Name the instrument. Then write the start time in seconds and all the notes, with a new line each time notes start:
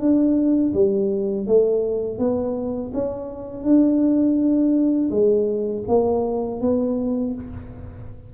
tuba
0.00 D4
0.74 G3
1.47 A3
2.19 B3
2.94 C#4
3.63 D4
5.11 G#3
5.88 A#3
6.61 B3